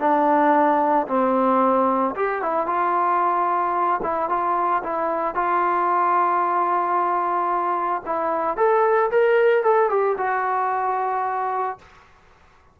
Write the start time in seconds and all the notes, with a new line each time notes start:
0.00 D4
1.08 C4
2.16 G4
2.42 E4
2.67 F4
4.03 E4
4.29 F4
4.84 E4
5.35 F4
8.06 E4
8.57 A4
9.11 A#4
9.64 A4
9.90 G4
10.18 F#4